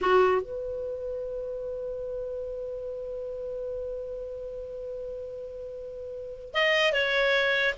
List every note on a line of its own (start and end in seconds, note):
0.01 0.42 F#4
0.42 6.54 B4
6.54 6.92 D#5
6.92 7.74 C#5